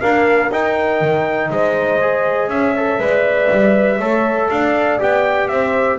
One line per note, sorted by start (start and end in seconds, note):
0.00 0.50 A#3
0.00 0.50 D4
0.00 1.51 A#4
0.00 0.50 F5
0.50 1.00 D#4
0.50 2.00 D#4
0.50 1.51 G5
1.00 1.50 D#3
1.50 2.47 G#3
1.50 2.51 C5
1.50 2.49 D#5
2.00 2.75 G#4
2.47 2.97 C#4
2.47 3.01 C#5
2.47 4.49 E5
2.76 2.99 A4
2.98 3.48 G#3
2.98 3.99 B4
2.98 3.98 D5
3.50 3.99 G3
3.98 4.49 A3
3.98 4.99 A4
3.98 4.48 C#5
4.49 5.00 D4
4.49 5.51 D5
4.49 4.99 F5
4.99 5.49 B3
4.99 5.98 G4
4.99 5.47 G5
5.47 5.98 C4
5.47 5.98 C5
5.47 5.97 E5